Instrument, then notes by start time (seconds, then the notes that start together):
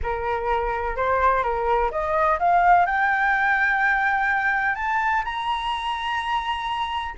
flute
0.02 A#4
0.96 C5
1.43 A#4
1.91 D#5
2.39 F5
2.85 G5
4.75 A5
5.24 A#5